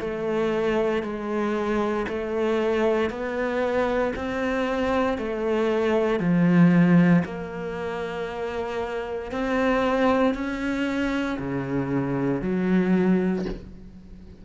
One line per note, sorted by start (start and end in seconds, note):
0.00 1.03 A3
1.03 2.06 G#3
2.09 3.10 A3
3.10 4.13 B3
4.16 5.18 C4
5.18 6.20 A3
6.20 7.23 F3
7.25 9.32 A#3
9.32 10.34 C4
10.34 11.38 C#4
11.39 12.42 C#3
12.42 13.45 F#3